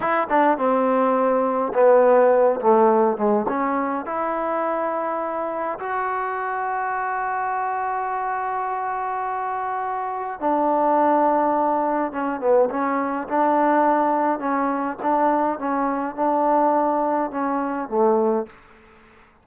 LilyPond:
\new Staff \with { instrumentName = "trombone" } { \time 4/4 \tempo 4 = 104 e'8 d'8 c'2 b4~ | b8 a4 gis8 cis'4 e'4~ | e'2 fis'2~ | fis'1~ |
fis'2 d'2~ | d'4 cis'8 b8 cis'4 d'4~ | d'4 cis'4 d'4 cis'4 | d'2 cis'4 a4 | }